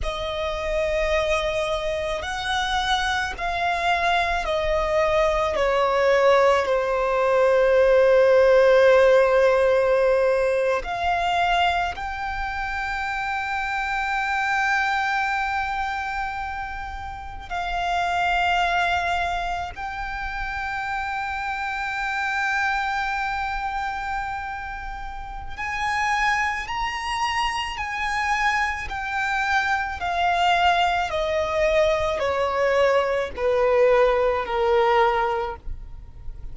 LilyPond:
\new Staff \with { instrumentName = "violin" } { \time 4/4 \tempo 4 = 54 dis''2 fis''4 f''4 | dis''4 cis''4 c''2~ | c''4.~ c''16 f''4 g''4~ g''16~ | g''2.~ g''8. f''16~ |
f''4.~ f''16 g''2~ g''16~ | g''2. gis''4 | ais''4 gis''4 g''4 f''4 | dis''4 cis''4 b'4 ais'4 | }